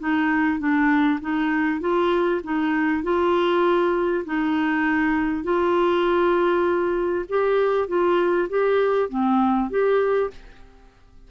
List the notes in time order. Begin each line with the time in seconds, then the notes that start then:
0.00 D#4
0.60 D4
1.21 D#4
1.81 F4
2.44 D#4
3.04 F4
4.26 D#4
5.44 F4
7.29 G4
7.88 F4
8.50 G4
9.10 C4
9.70 G4